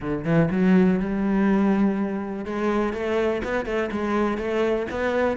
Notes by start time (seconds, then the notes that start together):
0.00 D3
0.24 E3
0.50 F#3
0.99 G3
2.45 G#3
2.93 A3
3.43 B3
3.65 A3
3.91 G#3
4.37 A3
4.90 B3